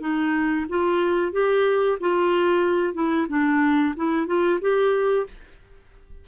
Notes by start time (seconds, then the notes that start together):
0.00 D#4
0.69 F4
1.32 G4
2.00 F4
2.93 E4
3.28 D4
3.96 E4
4.26 F4
4.60 G4